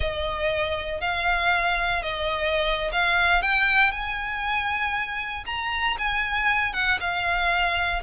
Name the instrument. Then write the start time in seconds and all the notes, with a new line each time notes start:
violin
0.00 D#5
1.00 F5
2.02 D#5
2.92 F5
3.42 G5
3.91 G#5
5.45 A#5
5.98 G#5
6.73 F#5
7.00 F5